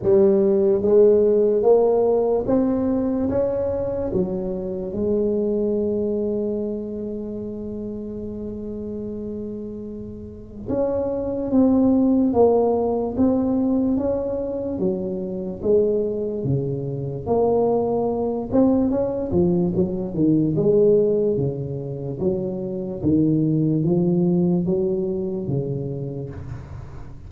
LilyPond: \new Staff \with { instrumentName = "tuba" } { \time 4/4 \tempo 4 = 73 g4 gis4 ais4 c'4 | cis'4 fis4 gis2~ | gis1~ | gis4 cis'4 c'4 ais4 |
c'4 cis'4 fis4 gis4 | cis4 ais4. c'8 cis'8 f8 | fis8 dis8 gis4 cis4 fis4 | dis4 f4 fis4 cis4 | }